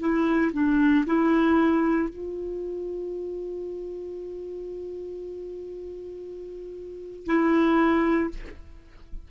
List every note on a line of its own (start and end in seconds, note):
0.00 0.52 E4
0.53 1.05 D4
1.06 2.10 E4
2.10 7.26 F4
7.26 8.30 E4